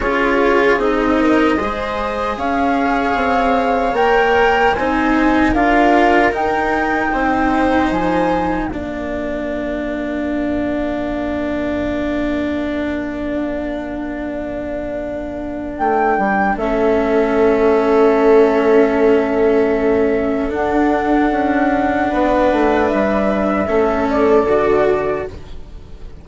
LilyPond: <<
  \new Staff \with { instrumentName = "flute" } { \time 4/4 \tempo 4 = 76 cis''4 dis''2 f''4~ | f''4 g''4 gis''4 f''4 | g''2 gis''4 f''4~ | f''1~ |
f''1 | g''4 e''2.~ | e''2 fis''2~ | fis''4 e''4. d''4. | }
  \new Staff \with { instrumentName = "viola" } { \time 4/4 gis'4. ais'8 c''4 cis''4~ | cis''2 c''4 ais'4~ | ais'4 c''2 ais'4~ | ais'1~ |
ais'1~ | ais'4 a'2.~ | a'1 | b'2 a'2 | }
  \new Staff \with { instrumentName = "cello" } { \time 4/4 f'4 dis'4 gis'2~ | gis'4 ais'4 dis'4 f'4 | dis'2. d'4~ | d'1~ |
d'1~ | d'4 cis'2.~ | cis'2 d'2~ | d'2 cis'4 fis'4 | }
  \new Staff \with { instrumentName = "bassoon" } { \time 4/4 cis'4 c'4 gis4 cis'4 | c'4 ais4 c'4 d'4 | dis'4 c'4 f4 ais4~ | ais1~ |
ais1 | a8 g8 a2.~ | a2 d'4 cis'4 | b8 a8 g4 a4 d4 | }
>>